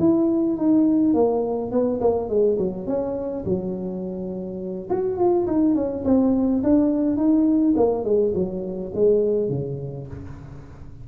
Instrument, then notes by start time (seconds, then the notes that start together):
tuba
0.00 E4
0.57 D#4
1.14 A#3
1.72 B3
2.01 A#3
2.29 G#3
2.59 F#3
2.87 C#4
3.45 F#3
4.90 F#4
5.18 F4
5.47 D#4
5.75 C#4
6.05 C4
6.64 D4
7.17 D#4
7.77 A#3
8.05 G#3
8.35 F#3
8.95 G#3
9.50 C#3